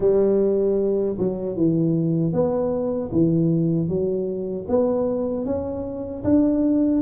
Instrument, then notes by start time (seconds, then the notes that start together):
tuba
0.00 G3
1.18 F#3
1.56 E3
2.32 B3
3.12 E3
3.88 F#3
4.68 B3
5.45 C#4
6.24 D4